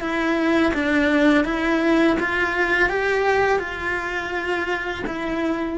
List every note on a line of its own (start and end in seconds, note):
0.00 0.72 E4
0.73 1.44 D4
1.44 2.17 E4
2.19 2.89 F4
2.89 3.59 G4
3.59 5.03 F4
5.06 5.78 E4